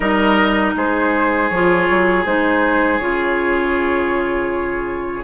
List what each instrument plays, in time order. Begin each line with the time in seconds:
0.00 bassoon G3, clarinet D#4, oboe A#4, flute D#5
0.75 bassoon G#3, oboe G#4, flute C5
1.49 bassoon F3, clarinet F4, flute C#5
1.89 bassoon F#3
2.25 bassoon G#3, clarinet D#4, flute C5
2.99 bassoon C#3, clarinet F4, flute C#5